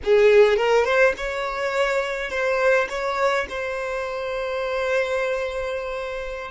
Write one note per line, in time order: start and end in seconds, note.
0.03 0.56 G#4
0.56 0.84 A#4
0.84 1.13 C5
1.17 2.30 C#5
2.30 2.87 C5
2.89 3.46 C#5
3.49 6.51 C5